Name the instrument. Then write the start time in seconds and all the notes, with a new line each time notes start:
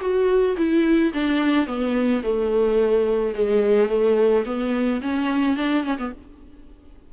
viola
0.00 F#4
0.57 E4
1.13 D4
1.66 B3
2.23 A3
3.34 G#3
3.88 A3
4.45 B3
5.01 C#4
5.56 D4
5.84 C#4
5.98 B3